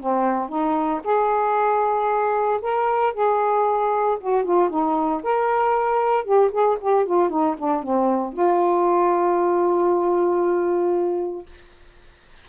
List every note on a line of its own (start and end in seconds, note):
0.00 0.49 C4
0.49 1.01 D#4
1.04 2.61 G#4
2.62 3.14 A#4
3.14 4.18 G#4
4.21 4.45 F#4
4.45 4.70 F4
4.70 5.22 D#4
5.24 6.25 A#4
6.25 6.51 G4
6.52 6.78 G#4
6.81 7.06 G4
7.06 7.30 F4
7.30 7.56 D#4
7.58 7.83 D4
7.83 8.33 C4
8.33 11.46 F4